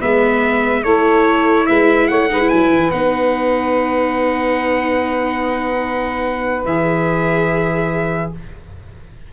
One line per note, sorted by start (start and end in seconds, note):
0.00 0.85 G#3
0.00 0.84 B3
0.00 0.83 B4
0.00 0.84 E5
0.83 1.68 A3
0.83 2.30 E4
0.83 1.66 A4
0.83 1.67 C#5
1.67 2.11 G#3
1.67 2.09 B4
1.67 2.08 E5
2.08 2.31 A3
2.08 2.30 C#5
2.08 2.50 F#5
2.30 2.52 G#3
2.30 2.40 D#4
2.30 8.32 B4
2.40 2.92 E4
2.50 2.71 F#3
2.50 2.91 G#5
2.71 2.92 E3
2.92 6.65 B3
2.92 6.66 D#4
2.92 6.64 F#5
6.65 8.31 E3
6.65 8.33 G#4
6.65 8.31 E5